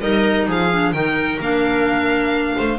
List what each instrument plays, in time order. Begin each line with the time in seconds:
0.00 double bass G3, clarinet D#4, viola A#4, violin D#5
0.47 double bass F3, viola G#4, violin F5
0.72 clarinet D4
0.92 double bass D#3, clarinet D#4, viola A#4, violin G5
1.39 double bass A#3, clarinet D4, violin F5
2.57 double bass A3, viola C5